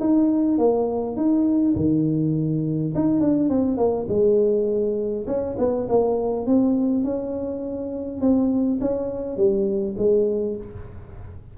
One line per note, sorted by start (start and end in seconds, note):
0.00 0.58 D#4
0.58 1.17 A#3
1.17 1.75 D#4
1.75 2.93 D#3
2.95 3.20 D#4
3.20 3.49 D4
3.49 3.77 C4
3.77 4.06 A#3
4.08 5.26 G#3
5.27 5.56 C#4
5.58 5.87 B3
5.89 6.46 A#3
6.46 7.04 C4
7.04 8.21 C#4
8.21 8.80 C4
8.81 9.37 C#4
9.37 9.96 G3
9.98 10.56 G#3